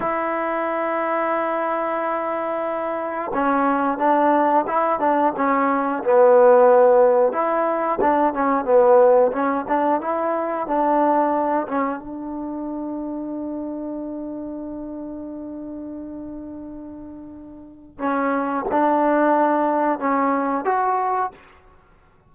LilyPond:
\new Staff \with { instrumentName = "trombone" } { \time 4/4 \tempo 4 = 90 e'1~ | e'4 cis'4 d'4 e'8 d'8 | cis'4 b2 e'4 | d'8 cis'8 b4 cis'8 d'8 e'4 |
d'4. cis'8 d'2~ | d'1~ | d'2. cis'4 | d'2 cis'4 fis'4 | }